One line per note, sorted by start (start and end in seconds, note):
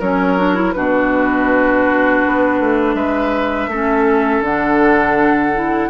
0.00 0.75 F#3
0.00 0.39 C#4
0.00 0.74 A#4
0.00 0.73 C#5
0.39 0.56 D4
0.56 0.74 E4
0.73 2.25 B2
0.73 3.72 D4
0.73 2.96 F#4
0.73 2.95 B4
2.27 2.60 B3
2.60 2.95 A3
2.95 3.68 G#3
2.95 3.70 B4
2.95 4.43 E5
3.68 4.41 A3
3.68 4.46 C#4
3.68 5.90 A4
4.41 5.89 D3
4.41 5.55 D4
4.41 5.90 F#5
5.55 5.90 E4